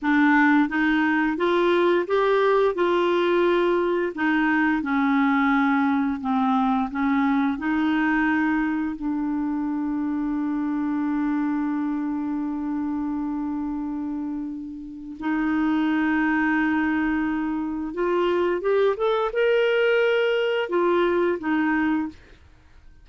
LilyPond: \new Staff \with { instrumentName = "clarinet" } { \time 4/4 \tempo 4 = 87 d'4 dis'4 f'4 g'4 | f'2 dis'4 cis'4~ | cis'4 c'4 cis'4 dis'4~ | dis'4 d'2.~ |
d'1~ | d'2 dis'2~ | dis'2 f'4 g'8 a'8 | ais'2 f'4 dis'4 | }